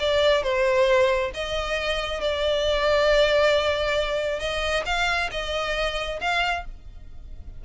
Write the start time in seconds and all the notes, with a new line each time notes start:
0.00 D5
0.43 C5
1.34 D#5
2.21 D5
4.40 D#5
4.86 F5
5.32 D#5
6.21 F5